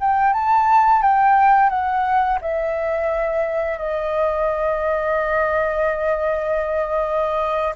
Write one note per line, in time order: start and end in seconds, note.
0.00 0.33 G5
0.33 1.02 A5
1.02 1.69 G5
1.69 2.38 F#5
2.41 3.78 E5
3.78 7.74 D#5